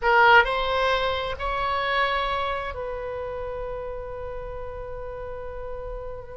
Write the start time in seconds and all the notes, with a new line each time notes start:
0.02 A#4
0.44 C5
1.38 C#5
2.74 B4